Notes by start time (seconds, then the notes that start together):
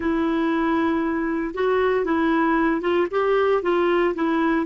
0.00 E4
1.54 F#4
2.04 E4
2.81 F4
3.10 G4
3.62 F4
4.14 E4